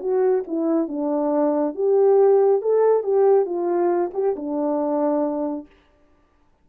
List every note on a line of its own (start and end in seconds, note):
0.00 0.43 F#4
0.47 0.88 E4
0.88 1.75 D4
1.75 2.62 G4
2.62 3.03 A4
3.03 3.45 G4
3.45 4.11 F4
4.13 4.35 G4
4.36 5.66 D4